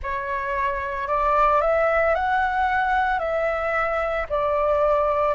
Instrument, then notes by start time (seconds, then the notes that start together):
flute
0.02 C#5
1.07 D5
1.61 E5
2.14 F#5
3.19 E5
4.29 D5